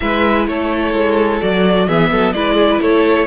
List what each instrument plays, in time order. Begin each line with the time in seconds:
0.00 cello G#3, viola E4, violin B4 E5
0.47 cello A3, violin A4 C#5
0.93 cello G#3
1.41 cello F#3, viola F#4, violin D5
1.87 cello E3, viola B3, violin G#4 E5
2.11 cello F#3, violin A4
2.32 cello G#3, viola E4, violin B4 D5
2.54 violin G#4
2.71 violin B4
2.81 cello A3, violin A4 C#5